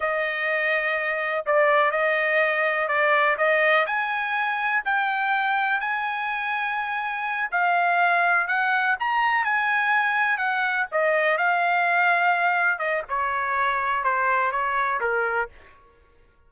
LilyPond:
\new Staff \with { instrumentName = "trumpet" } { \time 4/4 \tempo 4 = 124 dis''2. d''4 | dis''2 d''4 dis''4 | gis''2 g''2 | gis''2.~ gis''8 f''8~ |
f''4. fis''4 ais''4 gis''8~ | gis''4. fis''4 dis''4 f''8~ | f''2~ f''8 dis''8 cis''4~ | cis''4 c''4 cis''4 ais'4 | }